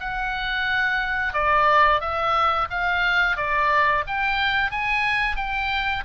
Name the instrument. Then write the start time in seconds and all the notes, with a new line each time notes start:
oboe
0.00 F#5
1.34 D5
2.01 E5
2.70 F5
3.37 D5
4.07 G5
4.71 G#5
5.37 G5